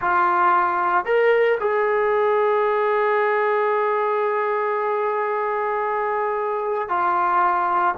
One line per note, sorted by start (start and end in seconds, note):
0.01 1.05 F4
1.05 1.58 A#4
1.60 6.88 G#4
6.88 7.95 F4